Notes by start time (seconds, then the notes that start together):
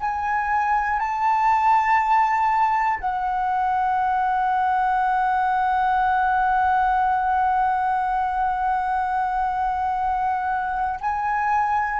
0.00 G#5
1.00 A5
3.00 F#5
11.00 G#5